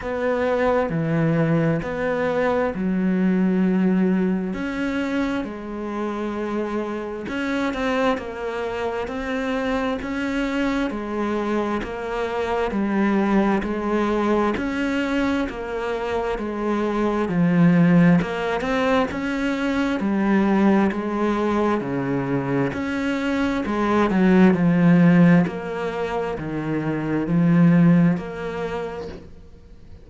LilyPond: \new Staff \with { instrumentName = "cello" } { \time 4/4 \tempo 4 = 66 b4 e4 b4 fis4~ | fis4 cis'4 gis2 | cis'8 c'8 ais4 c'4 cis'4 | gis4 ais4 g4 gis4 |
cis'4 ais4 gis4 f4 | ais8 c'8 cis'4 g4 gis4 | cis4 cis'4 gis8 fis8 f4 | ais4 dis4 f4 ais4 | }